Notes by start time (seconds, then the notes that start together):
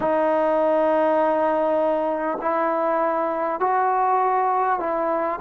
0.00 D#4
2.41 E4
3.59 F#4
4.79 E4